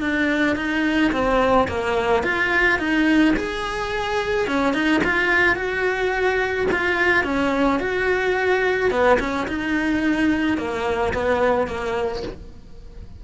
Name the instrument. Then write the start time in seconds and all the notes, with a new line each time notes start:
cello
0.00 D4
0.56 D#4
1.12 C4
1.67 A#3
2.23 F4
2.78 D#4
3.36 G#4
4.47 C#4
4.73 D#4
5.04 F4
5.55 F#4
6.71 F4
7.24 C#4
7.79 F#4
8.90 B3
9.19 C#4
9.47 D#4
10.57 A#3
11.13 B3
11.67 A#3